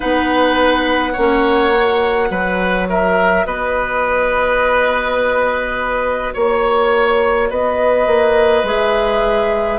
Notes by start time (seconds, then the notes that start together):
0.00 B3 D#4 B4 F#5
1.12 A#3 C#4 C#5
1.74 F#4
2.30 F#3 B4
2.89 A#4 E5
3.45 B3 B4 D#5
6.33 A#3 C#5
7.49 B3 B4 D#5
8.06 A#3
8.63 G#3 G#4 E5